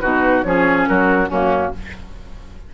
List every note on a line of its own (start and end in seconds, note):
0.00 0.45 B2
0.00 0.45 D#4
0.00 0.45 F#4
0.00 0.43 B4
0.43 0.88 F3
0.43 1.30 C#4
0.43 0.89 G#4
0.43 0.86 C#5
0.88 1.30 F#3
0.88 1.29 F#4
0.88 1.30 A#4
1.29 1.73 F#2
1.29 1.74 A#3
1.29 1.72 C#4
1.29 1.75 F#4